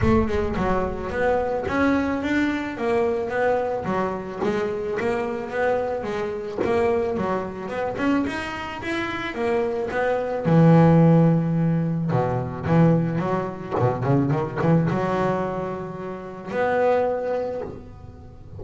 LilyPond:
\new Staff \with { instrumentName = "double bass" } { \time 4/4 \tempo 4 = 109 a8 gis8 fis4 b4 cis'4 | d'4 ais4 b4 fis4 | gis4 ais4 b4 gis4 | ais4 fis4 b8 cis'8 dis'4 |
e'4 ais4 b4 e4~ | e2 b,4 e4 | fis4 b,8 cis8 dis8 e8 fis4~ | fis2 b2 | }